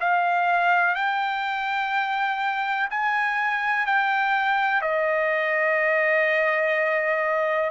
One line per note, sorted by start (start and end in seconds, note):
0.00 0.95 F5
0.95 2.89 G5
2.90 3.86 G#5
3.86 4.81 G5
4.81 7.70 D#5